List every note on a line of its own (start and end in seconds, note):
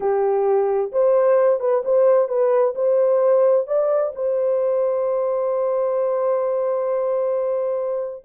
0.00 0.91 G4
0.92 1.60 C5
1.60 1.83 B4
1.84 2.28 C5
2.28 2.74 B4
2.75 3.67 C5
3.67 4.12 D5
4.15 8.24 C5